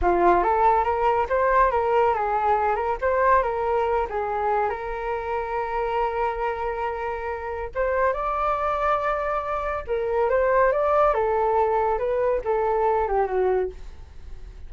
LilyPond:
\new Staff \with { instrumentName = "flute" } { \time 4/4 \tempo 4 = 140 f'4 a'4 ais'4 c''4 | ais'4 gis'4. ais'8 c''4 | ais'4. gis'4. ais'4~ | ais'1~ |
ais'2 c''4 d''4~ | d''2. ais'4 | c''4 d''4 a'2 | b'4 a'4. g'8 fis'4 | }